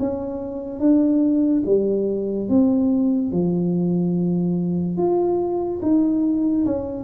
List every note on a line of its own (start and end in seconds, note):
0.00 0.80 C#4
0.80 1.63 D4
1.66 2.49 G3
2.49 3.32 C4
3.32 4.97 F3
4.97 5.80 F4
5.82 6.65 D#4
6.66 7.04 C#4